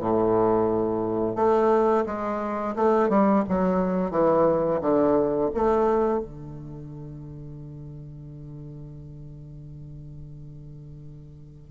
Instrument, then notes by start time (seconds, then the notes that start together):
bassoon
0.00 A2
1.35 A3
2.06 G#3
2.75 A3
3.09 G3
3.49 F#3
4.11 E3
4.81 D3
5.54 A3
6.19 D3